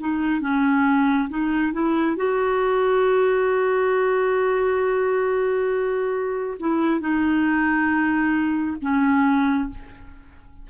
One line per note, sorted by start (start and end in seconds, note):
0.00 0.41 D#4
0.41 1.29 C#4
1.30 1.73 D#4
1.73 2.17 E4
2.17 6.58 F#4
6.60 7.01 E4
7.01 8.77 D#4
8.82 9.70 C#4